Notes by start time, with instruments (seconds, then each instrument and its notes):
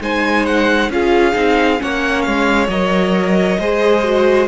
0.00 cello G#3, viola D#4, violin C5 G#5
0.46 violin F#5
0.89 cello C#4, viola F4, violin G#4 F5
1.33 cello C4, viola D#4
1.78 cello A#3, viola C#4, violin C#5 F#5
2.21 cello G#3, violin F5
2.68 cello F#3, viola A#4, violin D#5
3.59 cello G#3, viola G#4, violin C5
4.03 viola F#4